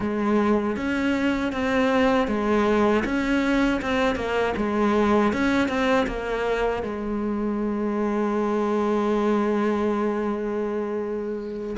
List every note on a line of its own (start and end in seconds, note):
0.00 0.76 G#3
0.76 1.52 C#4
1.52 2.27 C4
2.27 3.03 G#3
3.04 3.80 C#4
3.81 4.15 C4
4.15 4.53 A#3
4.56 5.32 G#3
5.33 5.68 C#4
5.68 6.06 C4
6.07 6.83 A#3
6.83 11.76 G#3